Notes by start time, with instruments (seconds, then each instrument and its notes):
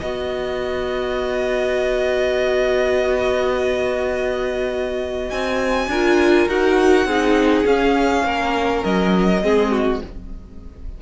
0.00 cello B3, viola F#4, violin D#5 F#5
5.30 cello C4, violin G#5
5.88 cello D4, viola F4, violin A#4
6.48 cello D#4, viola F#4, violin F#5
7.05 cello C4, viola D#4, violin G#4
7.64 viola C#4, cello C#4, violin F5
8.24 cello A#3, violin A#4
8.84 cello F#3, violin D#5
9.42 cello G#3, viola C4, violin G#4
9.71 violin F#4